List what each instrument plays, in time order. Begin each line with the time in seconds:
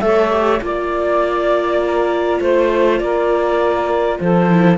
0.00 cello A3, viola A4, saxophone C#5, clarinet E5
0.31 viola G4
0.61 cello A#3, viola F4, saxophone D5, clarinet D5
1.82 saxophone A#4
2.40 cello A3, clarinet C5, saxophone C5
3.00 cello A#3, saxophone A#4, clarinet D5
4.19 cello F3, saxophone A4, clarinet C5
4.50 viola E4